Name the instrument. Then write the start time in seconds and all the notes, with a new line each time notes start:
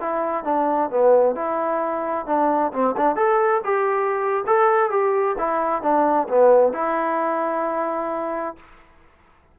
trombone
0.00 E4
0.44 D4
0.90 B3
1.35 E4
2.26 D4
2.73 C4
2.97 D4
3.15 A4
3.64 G4
4.46 A4
4.90 G4
5.38 E4
5.82 D4
6.29 B3
6.73 E4